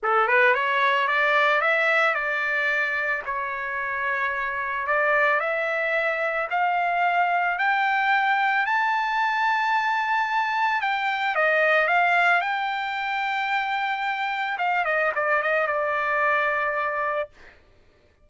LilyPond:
\new Staff \with { instrumentName = "trumpet" } { \time 4/4 \tempo 4 = 111 a'8 b'8 cis''4 d''4 e''4 | d''2 cis''2~ | cis''4 d''4 e''2 | f''2 g''2 |
a''1 | g''4 dis''4 f''4 g''4~ | g''2. f''8 dis''8 | d''8 dis''8 d''2. | }